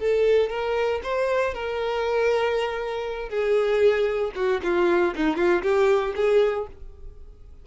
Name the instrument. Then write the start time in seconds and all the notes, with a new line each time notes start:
violin
0.00 A4
0.50 A#4
1.03 C5
1.55 A#4
3.30 G#4
4.36 F#4
4.64 F4
5.16 D#4
5.37 F4
5.63 G4
6.16 G#4